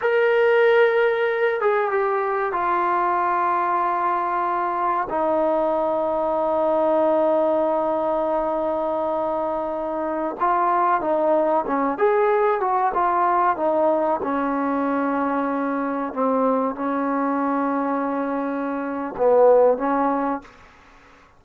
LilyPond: \new Staff \with { instrumentName = "trombone" } { \time 4/4 \tempo 4 = 94 ais'2~ ais'8 gis'8 g'4 | f'1 | dis'1~ | dis'1~ |
dis'16 f'4 dis'4 cis'8 gis'4 fis'16~ | fis'16 f'4 dis'4 cis'4.~ cis'16~ | cis'4~ cis'16 c'4 cis'4.~ cis'16~ | cis'2 b4 cis'4 | }